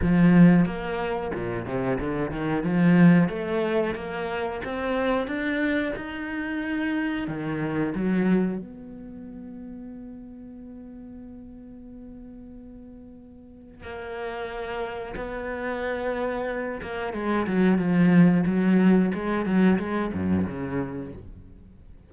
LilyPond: \new Staff \with { instrumentName = "cello" } { \time 4/4 \tempo 4 = 91 f4 ais4 ais,8 c8 d8 dis8 | f4 a4 ais4 c'4 | d'4 dis'2 dis4 | fis4 b2.~ |
b1~ | b4 ais2 b4~ | b4. ais8 gis8 fis8 f4 | fis4 gis8 fis8 gis8 fis,8 cis4 | }